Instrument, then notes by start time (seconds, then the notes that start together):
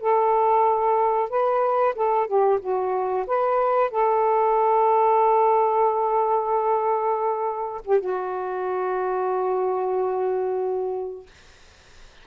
saxophone
0.00 A4
1.29 B4
1.95 A4
2.27 G4
2.60 F#4
3.26 B4
3.90 A4
7.84 G4
8.00 F#4